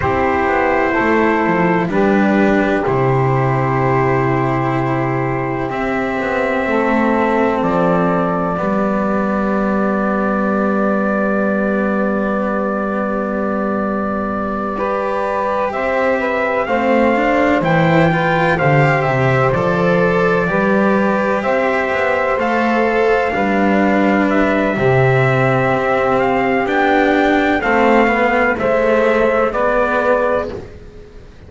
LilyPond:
<<
  \new Staff \with { instrumentName = "trumpet" } { \time 4/4 \tempo 4 = 63 c''2 b'4 c''4~ | c''2 e''2 | d''1~ | d''1~ |
d''8 e''4 f''4 g''4 f''8 | e''8 d''2 e''4 f''8~ | f''4. e''2 f''8 | g''4 f''4 e''4 d''4 | }
  \new Staff \with { instrumentName = "saxophone" } { \time 4/4 g'4 a'4 g'2~ | g'2. a'4~ | a'4 g'2.~ | g'2.~ g'8 b'8~ |
b'8 c''8 b'8 c''4. b'8 c''8~ | c''4. b'4 c''4.~ | c''8 b'4. g'2~ | g'4 a'8 b'8 c''4 b'4 | }
  \new Staff \with { instrumentName = "cello" } { \time 4/4 e'2 d'4 e'4~ | e'2 c'2~ | c'4 b2.~ | b2.~ b8 g'8~ |
g'4. c'8 d'8 e'8 f'8 g'8~ | g'8 a'4 g'2 a'8~ | a'8 d'4. c'2 | d'4 c'8 b8 a4 b4 | }
  \new Staff \with { instrumentName = "double bass" } { \time 4/4 c'8 b8 a8 f8 g4 c4~ | c2 c'8 b8 a4 | f4 g2.~ | g1~ |
g8 c'4 a4 e4 d8 | c8 f4 g4 c'8 b8 a8~ | a8 g4. c4 c'4 | b4 a4 gis2 | }
>>